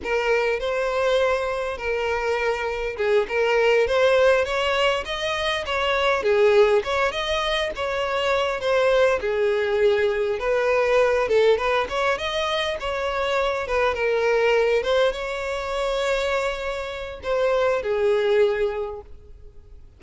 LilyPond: \new Staff \with { instrumentName = "violin" } { \time 4/4 \tempo 4 = 101 ais'4 c''2 ais'4~ | ais'4 gis'8 ais'4 c''4 cis''8~ | cis''8 dis''4 cis''4 gis'4 cis''8 | dis''4 cis''4. c''4 gis'8~ |
gis'4. b'4. a'8 b'8 | cis''8 dis''4 cis''4. b'8 ais'8~ | ais'4 c''8 cis''2~ cis''8~ | cis''4 c''4 gis'2 | }